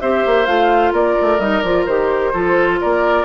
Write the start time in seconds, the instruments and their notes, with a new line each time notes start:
0.00 bassoon C4, clarinet G4, oboe C5, flute E5
0.26 bassoon A#3
0.46 bassoon A3, clarinet F4, flute F5
0.92 bassoon A#3, oboe A#4, flute D5
1.21 bassoon A3
1.39 bassoon G3, clarinet D#4, flute D#5
1.61 bassoon F3, clarinet F4, flute D5
1.85 bassoon D#3, clarinet G4, flute C5
2.33 bassoon F3, clarinet F4, oboe A4
2.81 bassoon A#3, oboe A#4, flute D5